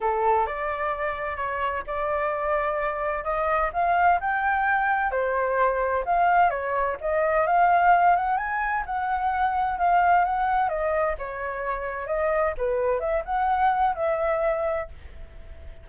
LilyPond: \new Staff \with { instrumentName = "flute" } { \time 4/4 \tempo 4 = 129 a'4 d''2 cis''4 | d''2. dis''4 | f''4 g''2 c''4~ | c''4 f''4 cis''4 dis''4 |
f''4. fis''8 gis''4 fis''4~ | fis''4 f''4 fis''4 dis''4 | cis''2 dis''4 b'4 | e''8 fis''4. e''2 | }